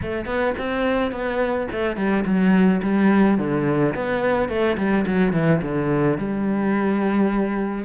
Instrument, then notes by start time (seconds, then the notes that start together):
cello
0.02 A3
0.25 B3
0.58 C4
1.11 B3
1.71 A3
1.96 G3
2.25 F#3
2.82 G3
3.38 D3
3.94 B3
4.48 A3
4.77 G3
5.06 F#3
5.33 E3
5.62 D3
6.18 G3